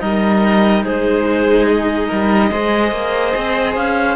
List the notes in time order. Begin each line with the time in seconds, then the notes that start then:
0.00 G3 D#4 A#4 D#5
0.84 G#3 G#4 C5
1.66 D#5
2.08 G3 A#4
2.51 G#3 G#4 C5
2.92 A#3
3.36 C4
3.75 C#4 F5